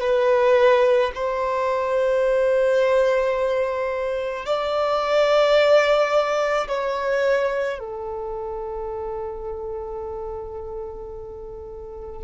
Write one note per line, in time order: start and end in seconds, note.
0.00 1.11 B4
1.15 4.45 C5
4.45 6.67 D5
6.68 7.79 C#5
7.79 12.23 A4